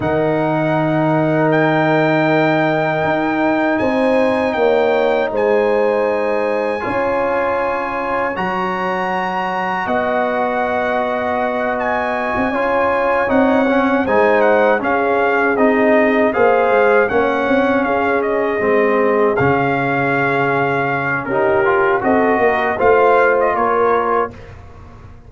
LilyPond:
<<
  \new Staff \with { instrumentName = "trumpet" } { \time 4/4 \tempo 4 = 79 fis''2 g''2~ | g''4 gis''4 g''4 gis''4~ | gis''2. ais''4~ | ais''4 fis''2~ fis''8 gis''8~ |
gis''4. fis''4 gis''8 fis''8 f''8~ | f''8 dis''4 f''4 fis''4 f''8 | dis''4. f''2~ f''8 | ais'4 dis''4 f''8. dis''16 cis''4 | }
  \new Staff \with { instrumentName = "horn" } { \time 4/4 ais'1~ | ais'4 c''4 cis''4 c''4~ | c''4 cis''2.~ | cis''4 dis''2.~ |
dis''8 cis''2 c''4 gis'8~ | gis'4. c''4 cis''4 gis'8~ | gis'1 | g'4 a'8 ais'8 c''4 ais'4 | }
  \new Staff \with { instrumentName = "trombone" } { \time 4/4 dis'1~ | dis'1~ | dis'4 f'2 fis'4~ | fis'1~ |
fis'8 f'4 dis'8 cis'8 dis'4 cis'8~ | cis'8 dis'4 gis'4 cis'4.~ | cis'8 c'4 cis'2~ cis'8 | dis'8 f'8 fis'4 f'2 | }
  \new Staff \with { instrumentName = "tuba" } { \time 4/4 dis1 | dis'4 c'4 ais4 gis4~ | gis4 cis'2 fis4~ | fis4 b2.~ |
b16 c'16 cis'4 c'4 gis4 cis'8~ | cis'8 c'4 ais8 gis8 ais8 c'8 cis'8~ | cis'8 gis4 cis2~ cis8 | cis'4 c'8 ais8 a4 ais4 | }
>>